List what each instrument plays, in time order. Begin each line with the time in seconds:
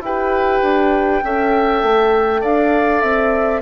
0.00 bassoon E4, horn G4, oboe B4, flute G5
0.61 bassoon D4
1.23 bassoon C#4, horn A4, oboe E5
1.82 bassoon A3
2.41 bassoon D4, oboe D5, flute F5
3.00 bassoon C4, flute E5